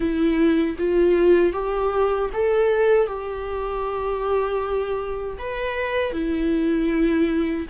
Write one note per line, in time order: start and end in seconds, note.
0.00 0.76 E4
0.78 1.52 F4
1.52 2.29 G4
2.33 3.06 A4
3.06 5.37 G4
5.38 6.12 B4
6.12 7.66 E4